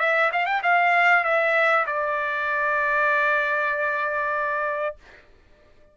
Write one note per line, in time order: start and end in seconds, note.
0.00 0.31 E5
0.33 0.47 F5
0.47 0.62 G5
0.63 1.24 F5
1.24 1.86 E5
1.87 4.96 D5